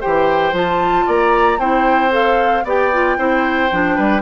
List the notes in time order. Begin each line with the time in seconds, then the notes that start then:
0.00 E3 G4 C5 G5
0.52 F3 F4 A5
1.06 A#3 D5 A#5
1.58 C4 E4 C5 G5
2.10 A4 F5
2.64 B3 G4 D5 G5
2.93 F4
3.17 C4 E4 C5
3.71 F3 D4
3.95 G3 B4